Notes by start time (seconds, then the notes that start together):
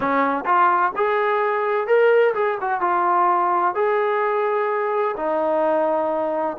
0.00 C#4
0.45 F4
0.95 G#4
1.87 A#4
2.34 G#4
2.61 F#4
2.81 F4
3.74 G#4
5.16 D#4